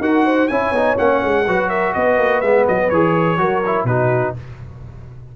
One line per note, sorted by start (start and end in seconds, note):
0.00 0.48 D#4
0.00 0.50 F#4
0.00 0.25 A#4
0.00 0.48 F#5
0.25 0.49 C5
0.48 0.72 C#4
0.48 0.75 E4
0.48 1.46 C#5
0.48 0.96 G#5
0.72 0.96 B3
0.72 0.97 D#4
0.97 1.23 A#3
0.97 1.45 C#4
0.97 1.70 F#5
1.24 1.48 G#3
1.47 1.96 F#3
1.47 2.44 F#4
1.47 1.70 B4
1.70 1.94 A#4
1.70 1.94 E5
1.94 2.18 B3
1.94 3.40 B4
1.94 2.42 D#5
2.18 2.42 A#3
2.42 2.67 G#3
2.42 2.93 B3
2.42 2.66 E5
2.69 2.92 F#3
2.69 2.90 D#5
2.90 3.38 E3
2.90 3.38 G#4
2.90 3.86 C#5
3.38 3.85 F#3
3.38 3.62 F#4
3.38 3.88 A#4
3.66 3.89 E4
3.85 4.33 B2
3.85 4.37 D#4
3.85 4.36 F#4
3.85 4.35 B4